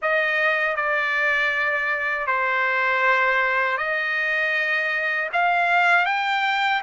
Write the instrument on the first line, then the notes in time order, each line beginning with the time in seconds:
trumpet
0.02 D#5
0.76 D5
2.26 C5
3.77 D#5
5.33 F5
6.05 G5